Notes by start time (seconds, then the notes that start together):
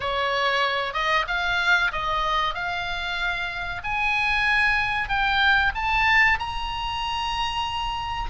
0.00 C#5
0.93 D#5
1.27 F5
1.92 D#5
2.54 F5
3.83 G#5
5.08 G5
5.74 A5
6.39 A#5